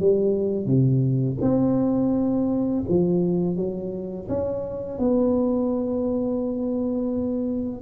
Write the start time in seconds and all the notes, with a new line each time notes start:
0.00 G3
0.66 C3
1.41 C4
2.89 F3
3.56 F#3
4.29 C#4
4.99 B3